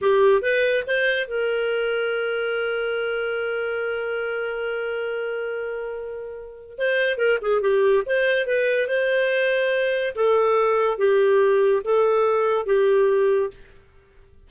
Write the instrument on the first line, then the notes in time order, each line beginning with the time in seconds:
clarinet
0.01 G4
0.41 B4
0.86 C5
1.27 A#4
6.78 C5
7.17 A#4
7.41 G#4
7.61 G4
8.06 C5
8.46 B4
8.87 C5
10.15 A4
10.97 G4
11.84 A4
12.66 G4